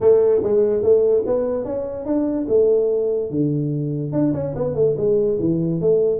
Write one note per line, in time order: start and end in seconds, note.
0.00 0.42 A3
0.43 0.82 G#3
0.82 1.24 A3
1.25 1.64 B3
1.64 2.05 C#4
2.05 2.47 D4
2.48 3.30 A3
3.30 4.12 D3
4.12 4.33 D4
4.33 4.54 C#4
4.55 4.75 B3
4.75 4.95 A3
4.97 5.38 G#3
5.39 5.80 E3
5.80 6.20 A3